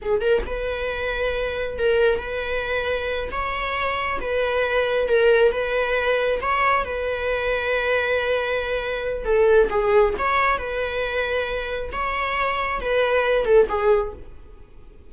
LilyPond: \new Staff \with { instrumentName = "viola" } { \time 4/4 \tempo 4 = 136 gis'8 ais'8 b'2. | ais'4 b'2~ b'8 cis''8~ | cis''4. b'2 ais'8~ | ais'8 b'2 cis''4 b'8~ |
b'1~ | b'4 a'4 gis'4 cis''4 | b'2. cis''4~ | cis''4 b'4. a'8 gis'4 | }